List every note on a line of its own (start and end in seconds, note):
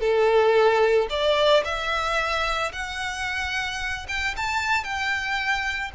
0.00 1.07 A4
1.10 1.63 D5
1.65 2.72 E5
2.72 4.06 F#5
4.08 4.35 G5
4.36 4.84 A5
4.84 5.91 G5